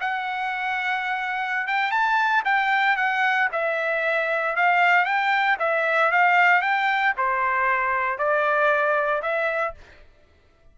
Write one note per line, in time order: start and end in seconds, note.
0.00 1.67 F#5
1.67 1.91 G5
1.91 2.43 A5
2.44 2.96 G5
2.96 3.48 F#5
3.52 4.56 E5
4.56 5.05 F5
5.05 5.57 G5
5.59 6.11 E5
6.11 6.61 F5
6.61 7.13 G5
7.17 8.18 C5
8.18 9.22 D5
9.22 9.74 E5